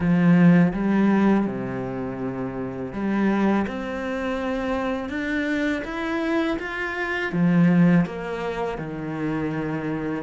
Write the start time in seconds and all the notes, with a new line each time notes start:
0.00 F3
0.73 G3
1.46 C3
2.92 G3
3.67 C4
5.09 D4
5.84 E4
6.59 F4
7.32 F3
8.05 A#3
8.77 D#3